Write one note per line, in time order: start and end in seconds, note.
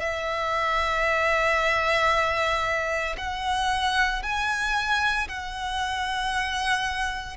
0.00 3.16 E5
3.17 4.22 F#5
4.22 5.28 G#5
5.28 7.36 F#5